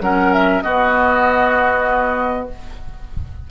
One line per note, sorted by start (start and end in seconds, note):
0.00 0.62 F#3
0.00 0.63 C#4
0.00 0.63 A#4
0.00 0.33 F#5
0.33 0.61 E5
0.61 2.49 B3
0.61 2.50 B3
0.61 2.49 F#4
0.61 2.47 D#5